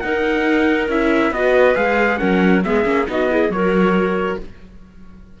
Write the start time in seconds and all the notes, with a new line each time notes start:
0.00 D#4 A#4 F#5
0.88 C#4 E4 E5
1.30 B3 F#4 B4 D#5
1.75 G#3 G#4 F5
2.17 F#3 C#4 A#4 F#5
2.63 G#3 B3 G#4 E5
2.84 A#3 C#4
3.07 B3 D#4 F#4 D#5
3.30 E4 G#4
3.49 F#3 F#4 A#4 C#5